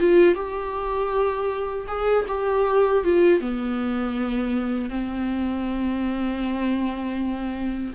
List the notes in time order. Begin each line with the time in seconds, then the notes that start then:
0.00 F4
0.36 G4
1.88 G#4
2.29 G4
3.04 F4
3.41 B3
4.90 C4